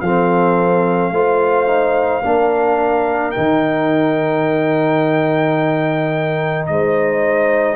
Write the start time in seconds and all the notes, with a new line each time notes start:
0.00 F3 C4 A4 F5
1.10 A3 F4 C5
1.66 D#4
2.23 A#3 D4 A#4
3.31 D#3 D#4 G5
6.66 G#3 C5 D#5